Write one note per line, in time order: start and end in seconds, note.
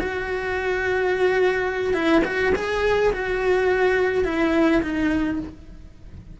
0.00 1.94 F#4
1.94 2.22 E4
2.25 2.53 F#4
2.56 3.13 G#4
3.13 4.25 F#4
4.25 4.82 E4
4.82 5.39 D#4